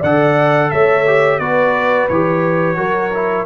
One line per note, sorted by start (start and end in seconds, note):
0.00 0.72 D3
0.00 1.07 A4
0.00 0.69 D5
0.00 0.71 F#5
0.71 1.39 A3
0.71 1.41 C#5
0.71 1.39 E5
1.07 1.41 G4
1.39 2.08 B3
1.39 2.10 F#4
1.39 2.78 B4
1.39 2.08 D5
2.09 2.78 E3
2.09 2.77 G4
2.09 3.46 C#5
2.77 3.46 F#3
2.77 3.11 F#4
2.77 3.46 A#4
3.14 3.46 E4